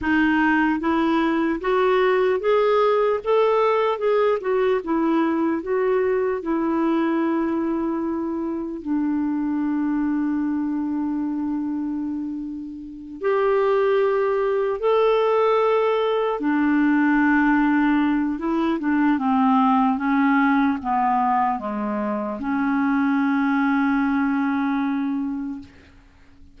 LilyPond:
\new Staff \with { instrumentName = "clarinet" } { \time 4/4 \tempo 4 = 75 dis'4 e'4 fis'4 gis'4 | a'4 gis'8 fis'8 e'4 fis'4 | e'2. d'4~ | d'1~ |
d'8 g'2 a'4.~ | a'8 d'2~ d'8 e'8 d'8 | c'4 cis'4 b4 gis4 | cis'1 | }